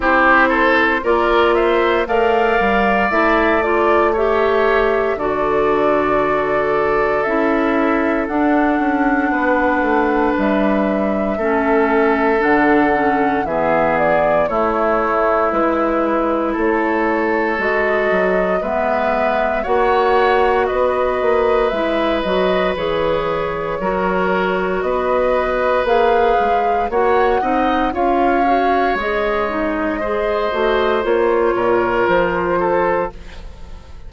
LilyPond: <<
  \new Staff \with { instrumentName = "flute" } { \time 4/4 \tempo 4 = 58 c''4 d''8 e''8 f''4 e''8 d''8 | e''4 d''2 e''4 | fis''2 e''2 | fis''4 e''8 d''8 cis''4 b'4 |
cis''4 dis''4 e''4 fis''4 | dis''4 e''8 dis''8 cis''2 | dis''4 f''4 fis''4 f''4 | dis''2 cis''4 c''4 | }
  \new Staff \with { instrumentName = "oboe" } { \time 4/4 g'8 a'8 ais'8 c''8 d''2 | cis''4 a'2.~ | a'4 b'2 a'4~ | a'4 gis'4 e'2 |
a'2 b'4 cis''4 | b'2. ais'4 | b'2 cis''8 dis''8 cis''4~ | cis''4 c''4. ais'4 a'8 | }
  \new Staff \with { instrumentName = "clarinet" } { \time 4/4 e'4 f'4 ais'4 e'8 f'8 | g'4 fis'2 e'4 | d'2. cis'4 | d'8 cis'8 b4 a4 e'4~ |
e'4 fis'4 b4 fis'4~ | fis'4 e'8 fis'8 gis'4 fis'4~ | fis'4 gis'4 fis'8 dis'8 f'8 fis'8 | gis'8 dis'8 gis'8 fis'8 f'2 | }
  \new Staff \with { instrumentName = "bassoon" } { \time 4/4 c'4 ais4 a8 g8 a4~ | a4 d2 cis'4 | d'8 cis'8 b8 a8 g4 a4 | d4 e4 a4 gis4 |
a4 gis8 fis8 gis4 ais4 | b8 ais8 gis8 fis8 e4 fis4 | b4 ais8 gis8 ais8 c'8 cis'4 | gis4. a8 ais8 ais,8 f4 | }
>>